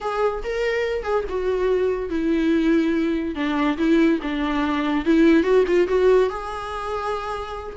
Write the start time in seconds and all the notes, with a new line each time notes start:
0.00 G#4
0.43 A#4
1.03 G#4
1.29 F#4
2.09 E4
3.35 D4
3.77 E4
4.22 D4
5.05 E4
5.43 F#4
5.67 F4
5.87 F#4
6.29 G#4